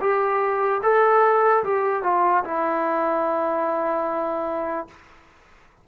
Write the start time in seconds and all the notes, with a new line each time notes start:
0.00 G4
0.83 A4
1.64 G4
2.03 F4
2.44 E4